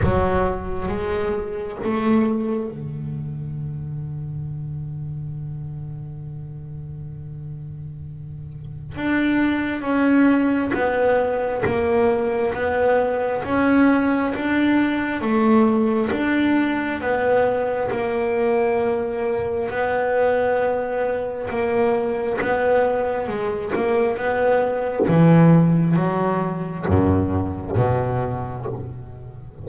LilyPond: \new Staff \with { instrumentName = "double bass" } { \time 4/4 \tempo 4 = 67 fis4 gis4 a4 d4~ | d1~ | d2 d'4 cis'4 | b4 ais4 b4 cis'4 |
d'4 a4 d'4 b4 | ais2 b2 | ais4 b4 gis8 ais8 b4 | e4 fis4 fis,4 b,4 | }